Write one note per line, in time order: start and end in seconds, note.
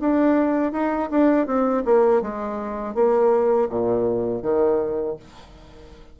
0.00 0.72 D4
0.72 1.09 D#4
1.10 1.46 D4
1.46 1.84 C4
1.85 2.22 A#3
2.22 2.95 G#3
2.95 3.69 A#3
3.69 4.42 A#2
4.42 5.16 D#3